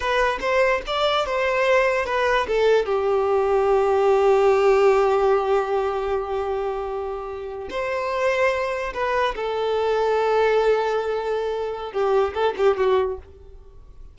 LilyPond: \new Staff \with { instrumentName = "violin" } { \time 4/4 \tempo 4 = 146 b'4 c''4 d''4 c''4~ | c''4 b'4 a'4 g'4~ | g'1~ | g'1~ |
g'2~ g'8. c''4~ c''16~ | c''4.~ c''16 b'4 a'4~ a'16~ | a'1~ | a'4 g'4 a'8 g'8 fis'4 | }